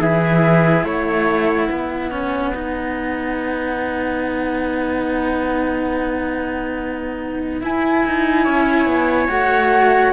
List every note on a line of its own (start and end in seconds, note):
0.00 0.84 E3
0.00 2.11 E4
0.00 0.86 G#4
0.00 0.83 E5
0.83 1.69 A3
0.83 1.69 C#5
0.83 7.59 F#5
1.69 7.62 B3
1.69 8.44 B4
2.11 2.54 C#4
2.55 7.61 D#4
7.61 9.29 E4
7.61 8.05 E4
7.61 9.30 G#5
8.07 8.47 D#4
8.44 8.86 C#4
8.44 10.13 C#5
8.86 9.28 B3
9.29 10.13 A3
9.29 10.13 F#4
9.29 10.13 F#5